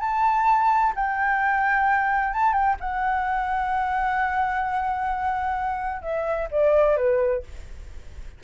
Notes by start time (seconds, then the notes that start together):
0.00 A5
0.95 G5
2.33 A5
2.53 G5
2.80 F#5
6.02 E5
6.51 D5
6.97 B4